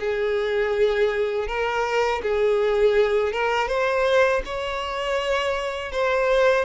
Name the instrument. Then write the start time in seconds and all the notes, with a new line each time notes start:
violin
0.00 G#4
1.48 A#4
2.23 G#4
3.33 A#4
3.68 C5
4.46 C#5
5.92 C5